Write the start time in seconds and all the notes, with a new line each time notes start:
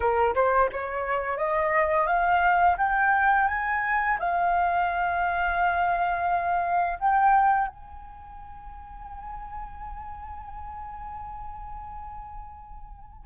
0.00 A#4
0.35 C5
0.72 C#5
1.37 D#5
2.06 F5
2.77 G5
3.47 G#5
4.19 F5
6.99 G5
7.67 G#5